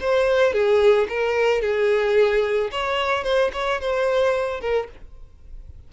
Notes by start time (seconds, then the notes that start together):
0.00 C5
0.53 G#4
1.09 A#4
1.61 G#4
2.71 C#5
3.24 C5
3.53 C#5
3.80 C5
4.60 A#4